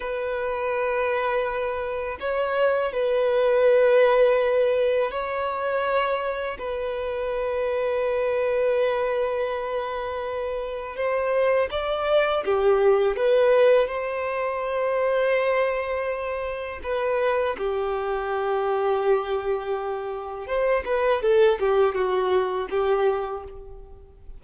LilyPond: \new Staff \with { instrumentName = "violin" } { \time 4/4 \tempo 4 = 82 b'2. cis''4 | b'2. cis''4~ | cis''4 b'2.~ | b'2. c''4 |
d''4 g'4 b'4 c''4~ | c''2. b'4 | g'1 | c''8 b'8 a'8 g'8 fis'4 g'4 | }